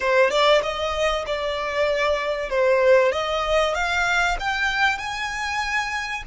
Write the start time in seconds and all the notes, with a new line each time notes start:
0.00 C5
0.30 D5
0.62 D#5
1.26 D5
2.49 C5
3.12 D#5
3.74 F5
4.39 G5
4.98 G#5